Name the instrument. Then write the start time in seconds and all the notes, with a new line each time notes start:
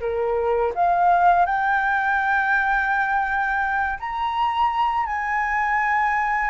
flute
0.00 A#4
0.75 F5
1.45 G5
3.99 A#5
5.06 G#5